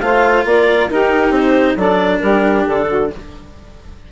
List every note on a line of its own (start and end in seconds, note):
0.00 0.45 A3
0.00 0.90 F4
0.00 0.47 C5
0.00 0.44 F5
0.45 0.88 A#3
0.45 0.91 A#4
0.45 0.90 D5
0.90 1.30 D#4
0.90 1.78 D#4
0.90 1.77 G4
0.90 1.34 A#4
1.30 1.74 C4
1.30 1.78 C5
1.76 2.20 F#3
1.76 3.11 D4
1.76 2.21 A4
1.76 2.19 D5
2.19 2.66 G3
2.19 2.87 G4
2.19 2.63 A#4
2.67 3.12 D3
2.67 3.10 A4
2.89 3.11 F#4